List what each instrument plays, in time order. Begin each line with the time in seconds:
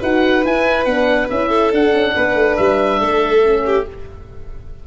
0.00 tuba D#4, horn F#4, violin B4, oboe F#5
0.44 horn E4, tuba E4, oboe G#5
0.85 tuba B3, horn D4, oboe F#5
1.30 tuba C#4, horn E4, oboe E5
1.48 violin A4
1.72 horn D4, tuba D4, oboe F#5
1.94 tuba C#4
2.16 tuba B3, violin B4
2.35 tuba A3
2.57 tuba G3, oboe E5
3.00 tuba A3, violin A4
3.44 horn C#4
3.66 violin G4